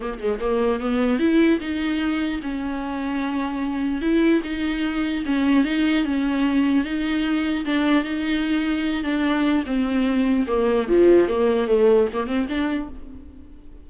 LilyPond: \new Staff \with { instrumentName = "viola" } { \time 4/4 \tempo 4 = 149 ais8 gis8 ais4 b4 e'4 | dis'2 cis'2~ | cis'2 e'4 dis'4~ | dis'4 cis'4 dis'4 cis'4~ |
cis'4 dis'2 d'4 | dis'2~ dis'8 d'4. | c'2 ais4 f4 | ais4 a4 ais8 c'8 d'4 | }